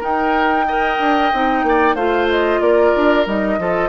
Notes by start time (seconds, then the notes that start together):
0.00 D#4 A#4 G5
0.68 A#4 D#5
0.99 D4
1.33 C4 D#4
1.63 A#3 D5
1.94 A3 F4 C5 F5
2.30 D#5
2.60 A#3 A#4 D5
2.96 D4
3.26 G3 D#4 D#5
3.58 F3 F4 A4